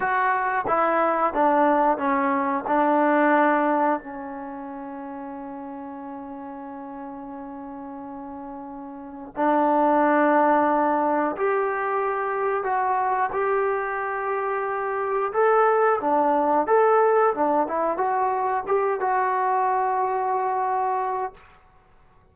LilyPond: \new Staff \with { instrumentName = "trombone" } { \time 4/4 \tempo 4 = 90 fis'4 e'4 d'4 cis'4 | d'2 cis'2~ | cis'1~ | cis'2 d'2~ |
d'4 g'2 fis'4 | g'2. a'4 | d'4 a'4 d'8 e'8 fis'4 | g'8 fis'2.~ fis'8 | }